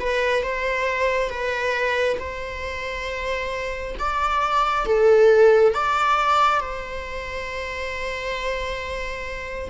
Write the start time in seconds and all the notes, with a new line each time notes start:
0.00 B4
0.43 C5
1.30 B4
2.19 C5
3.99 D5
4.86 A4
5.74 D5
6.61 C5